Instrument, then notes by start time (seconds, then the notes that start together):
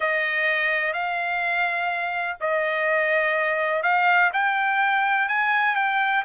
trumpet
0.00 D#5
0.93 F5
2.40 D#5
3.82 F5
4.33 G5
5.28 G#5
5.75 G5